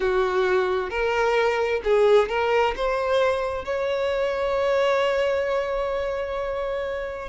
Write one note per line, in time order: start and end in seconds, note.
0.00 0.90 F#4
0.90 1.81 A#4
1.84 2.29 G#4
2.29 2.74 A#4
2.76 3.64 C5
3.64 7.28 C#5